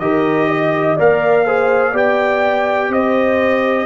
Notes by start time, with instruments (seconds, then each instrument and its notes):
0.00 tuba D#3, trombone G4, horn A#4, trumpet D#5
0.49 horn D#5
0.96 tuba A#3, trombone A#4, horn D5, trumpet F5
1.46 trombone G#4, horn C5
1.92 tuba B3, trombone G4, horn D5, trumpet G5
2.89 tuba C4, horn C5, trumpet D#5